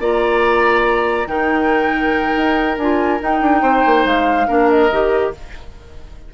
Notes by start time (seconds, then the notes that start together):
0.00 A#3 F4 D5 A#5
1.27 D#3 D#4 A#4 G5
2.37 D#4
2.78 D4 F4 G#5
3.20 D#4 G5
3.41 D4
3.62 C4 C5
3.86 A#3
4.05 G#3 F5
4.48 A#3 D4 A#4
4.70 D#5
4.92 D#3 G4